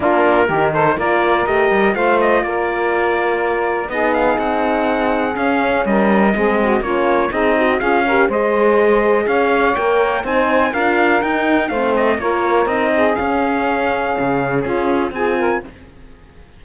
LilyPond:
<<
  \new Staff \with { instrumentName = "trumpet" } { \time 4/4 \tempo 4 = 123 ais'4. c''8 d''4 dis''4 | f''8 dis''8 d''2. | dis''8 f''8 fis''2 f''4 | dis''2 cis''4 dis''4 |
f''4 dis''2 f''4 | g''4 gis''4 f''4 g''4 | f''8 dis''8 cis''4 dis''4 f''4~ | f''2 gis'4 gis''4 | }
  \new Staff \with { instrumentName = "saxophone" } { \time 4/4 f'4 g'8 a'8 ais'2 | c''4 ais'2. | gis'1 | ais'4 gis'8 fis'8 f'4 dis'4 |
gis'8 ais'8 c''2 cis''4~ | cis''4 c''4 ais'2 | c''4 ais'4. gis'4.~ | gis'2 f'4 gis'8 ais'8 | }
  \new Staff \with { instrumentName = "horn" } { \time 4/4 d'4 dis'4 f'4 g'4 | f'1 | dis'2. cis'4~ | cis'4 c'4 cis'4 gis'8 fis'8 |
f'8 g'8 gis'2. | ais'4 dis'4 f'4 dis'4 | c'4 f'4 dis'4 cis'4~ | cis'2. f'4 | }
  \new Staff \with { instrumentName = "cello" } { \time 4/4 ais4 dis4 ais4 a8 g8 | a4 ais2. | b4 c'2 cis'4 | g4 gis4 ais4 c'4 |
cis'4 gis2 cis'4 | ais4 c'4 d'4 dis'4 | a4 ais4 c'4 cis'4~ | cis'4 cis4 cis'4 c'4 | }
>>